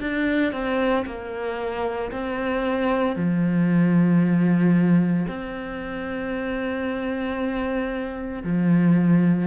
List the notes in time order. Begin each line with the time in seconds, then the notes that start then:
0.00 D4
0.53 C4
1.06 A#3
2.11 C4
3.16 F3
5.28 C4
8.44 F3